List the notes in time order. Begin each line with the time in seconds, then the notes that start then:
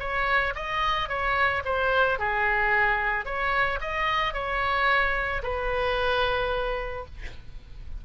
0.00 C#5
0.56 D#5
1.09 C#5
1.65 C5
2.19 G#4
3.26 C#5
3.81 D#5
4.34 C#5
5.43 B4